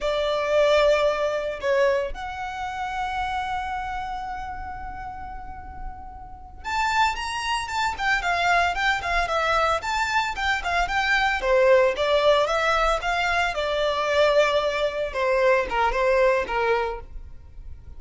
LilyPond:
\new Staff \with { instrumentName = "violin" } { \time 4/4 \tempo 4 = 113 d''2. cis''4 | fis''1~ | fis''1~ | fis''8 a''4 ais''4 a''8 g''8 f''8~ |
f''8 g''8 f''8 e''4 a''4 g''8 | f''8 g''4 c''4 d''4 e''8~ | e''8 f''4 d''2~ d''8~ | d''8 c''4 ais'8 c''4 ais'4 | }